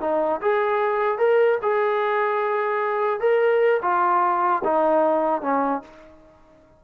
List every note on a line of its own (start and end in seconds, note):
0.00 0.40 D#4
0.41 1.18 G#4
1.18 1.58 A#4
1.62 3.20 G#4
3.20 3.81 A#4
3.82 4.63 F4
4.64 5.42 D#4
5.42 5.82 C#4